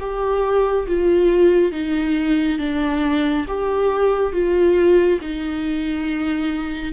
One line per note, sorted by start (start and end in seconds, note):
0.00 0.87 G4
0.87 1.72 F4
1.72 2.59 D#4
2.59 3.46 D4
3.48 4.33 G4
4.33 5.20 F4
5.21 6.92 D#4